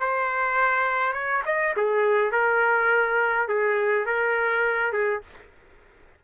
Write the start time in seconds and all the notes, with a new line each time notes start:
0.00 C5
1.13 C#5
1.45 D#5
1.76 G#4
2.31 A#4
3.48 G#4
4.06 A#4
4.92 G#4